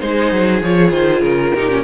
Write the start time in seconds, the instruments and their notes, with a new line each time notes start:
0.00 cello G#3, viola D#4, violin G#4 C5
0.32 cello F#3
0.62 cello F3, viola F4, violin C#5
0.91 cello D#3, violin C5
1.21 cello C#3, violin A#4
1.54 cello A#2, viola D#4, violin G4
1.69 viola C#4